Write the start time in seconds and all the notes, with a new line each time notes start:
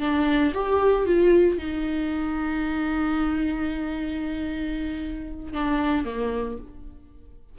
0.00 D4
0.54 G4
1.06 F4
1.58 D#4
5.53 D4
6.05 A#3